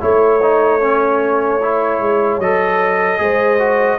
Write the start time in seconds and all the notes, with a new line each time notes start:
0.00 A3 E4 C#5
0.42 D#4
0.80 C#4
1.62 E4
1.99 G#3
2.38 F#3 A4 D#5
3.17 G#3 G#4 C5
3.59 F#4